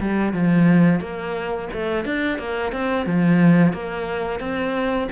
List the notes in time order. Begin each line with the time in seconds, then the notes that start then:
0.00 G3
0.33 F3
1.00 A#3
1.73 A3
2.05 D4
2.39 A#3
2.72 C4
3.06 F3
3.73 A#3
4.40 C4